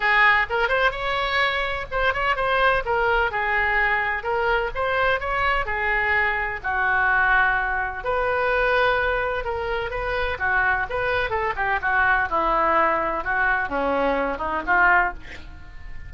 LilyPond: \new Staff \with { instrumentName = "oboe" } { \time 4/4 \tempo 4 = 127 gis'4 ais'8 c''8 cis''2 | c''8 cis''8 c''4 ais'4 gis'4~ | gis'4 ais'4 c''4 cis''4 | gis'2 fis'2~ |
fis'4 b'2. | ais'4 b'4 fis'4 b'4 | a'8 g'8 fis'4 e'2 | fis'4 cis'4. dis'8 f'4 | }